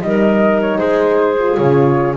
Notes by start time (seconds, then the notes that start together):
0.00 G3 D#4 D#5
0.06 A#4
0.61 C#5
0.78 G#3 G#4 C5
1.39 F4
1.57 C#3 C#5